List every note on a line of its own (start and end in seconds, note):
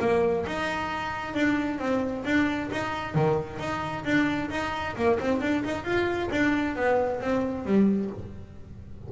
0.00 0.45 A#3
0.46 1.34 D#4
1.34 1.78 D4
1.78 2.24 C4
2.24 2.69 D4
2.71 3.14 D#4
3.14 3.59 D#3
3.59 4.04 D#4
4.05 4.50 D4
4.50 4.95 D#4
4.96 5.19 A#3
5.19 5.41 C4
5.41 5.63 D4
5.64 5.84 D#4
5.84 6.29 F4
6.31 6.75 D4
6.75 7.20 B3
7.20 7.65 C4
7.65 8.10 G3